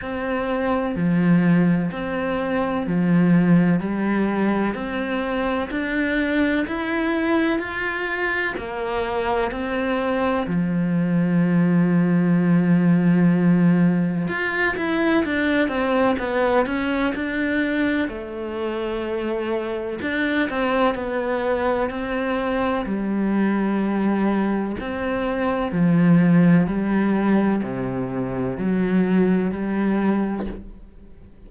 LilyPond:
\new Staff \with { instrumentName = "cello" } { \time 4/4 \tempo 4 = 63 c'4 f4 c'4 f4 | g4 c'4 d'4 e'4 | f'4 ais4 c'4 f4~ | f2. f'8 e'8 |
d'8 c'8 b8 cis'8 d'4 a4~ | a4 d'8 c'8 b4 c'4 | g2 c'4 f4 | g4 c4 fis4 g4 | }